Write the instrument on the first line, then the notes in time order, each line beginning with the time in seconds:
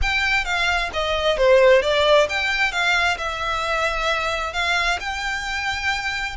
violin
0.02 G5
0.44 F5
0.93 D#5
1.37 C5
1.82 D5
2.29 G5
2.71 F5
3.17 E5
4.53 F5
5.00 G5